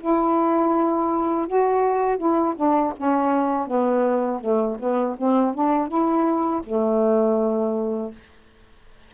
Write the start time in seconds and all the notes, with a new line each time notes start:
0.00 E4
1.47 F#4
2.18 E4
2.56 D4
2.97 C#4
3.67 B3
4.40 A3
4.79 B3
5.18 C4
5.54 D4
5.88 E4
6.63 A3